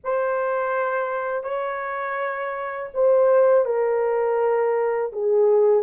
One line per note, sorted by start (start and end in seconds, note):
0.04 1.43 C5
1.43 2.90 C#5
2.93 3.65 C5
3.65 5.11 A#4
5.12 5.83 G#4